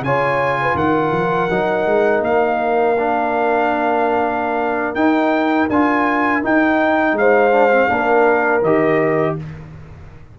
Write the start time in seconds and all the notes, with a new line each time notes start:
0.00 C#3 F4 C#5 G#5
0.61 B4
0.74 D#3 A#4 F#5
1.11 F3
1.49 F#3 D#4
1.86 G#3
2.20 A#3 F5
2.98 D4
4.94 D#4 G5
5.69 D4 F4 G#5
6.42 D#4 G5
7.12 G#3 F5
7.19 C5
7.51 D4
7.71 C4
7.88 A#3 D4 A#4
8.61 D#3 G4 D#5